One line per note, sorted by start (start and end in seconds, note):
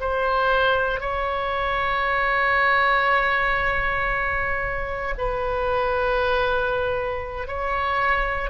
0.00 1.00 C5
1.00 5.14 C#5
5.17 7.48 B4
7.48 8.50 C#5